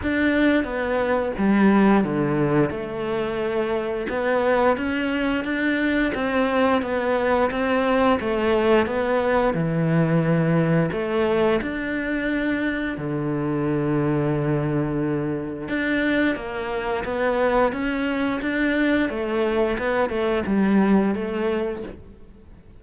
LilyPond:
\new Staff \with { instrumentName = "cello" } { \time 4/4 \tempo 4 = 88 d'4 b4 g4 d4 | a2 b4 cis'4 | d'4 c'4 b4 c'4 | a4 b4 e2 |
a4 d'2 d4~ | d2. d'4 | ais4 b4 cis'4 d'4 | a4 b8 a8 g4 a4 | }